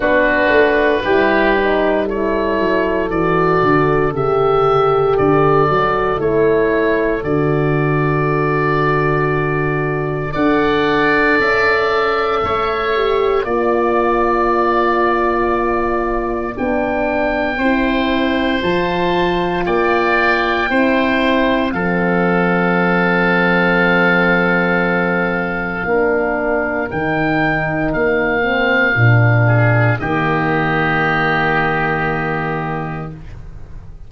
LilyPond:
<<
  \new Staff \with { instrumentName = "oboe" } { \time 4/4 \tempo 4 = 58 b'2 cis''4 d''4 | e''4 d''4 cis''4 d''4~ | d''2 fis''4 e''4~ | e''4 d''2. |
g''2 a''4 g''4~ | g''4 f''2.~ | f''2 g''4 f''4~ | f''4 dis''2. | }
  \new Staff \with { instrumentName = "oboe" } { \time 4/4 fis'4 g'4 a'2~ | a'1~ | a'2 d''2 | cis''4 d''2.~ |
d''4 c''2 d''4 | c''4 a'2.~ | a'4 ais'2.~ | ais'8 gis'8 g'2. | }
  \new Staff \with { instrumentName = "horn" } { \time 4/4 d'4 e'8 dis'8 e'4 fis'4 | g'4. fis'8 e'4 fis'4~ | fis'2 a'2~ | a'8 g'8 f'2. |
d'4 e'4 f'2 | e'4 c'2.~ | c'4 d'4 dis'4. c'8 | d'4 ais2. | }
  \new Staff \with { instrumentName = "tuba" } { \time 4/4 b8 a8 g4. fis8 e8 d8 | cis4 d8 fis8 a4 d4~ | d2 d'4 cis'4 | a4 ais2. |
b4 c'4 f4 ais4 | c'4 f2.~ | f4 ais4 dis4 ais4 | ais,4 dis2. | }
>>